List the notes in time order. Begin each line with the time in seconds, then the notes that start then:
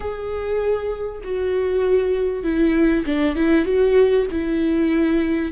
0.00 G#4
1.23 F#4
2.43 E4
3.05 D4
3.35 E4
3.65 F#4
4.31 E4